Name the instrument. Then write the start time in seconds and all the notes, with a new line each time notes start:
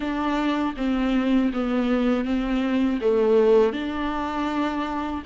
viola
0.00 D4
0.77 C4
1.53 B3
2.24 C4
3.01 A3
3.72 D4